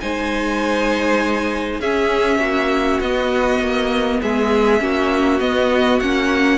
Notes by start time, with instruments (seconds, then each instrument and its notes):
0.00 cello G#3, viola D#4, violin C5 G#5
1.79 cello C#4, viola C#4, violin G#4 E5
2.39 cello A#3, violin F#4
3.00 cello B3, viola B3, violin D#5
3.59 cello A#3
4.22 cello G#3, violin G#4 E5
4.79 cello A#3, viola C#4, violin F#4
5.40 cello B3, viola B3, violin D#5
6.00 cello A#3, viola C#4, violin F#5